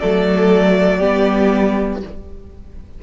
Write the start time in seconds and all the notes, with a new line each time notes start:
0.00 F#3 A3 A4 D5
0.98 G3 B3 G4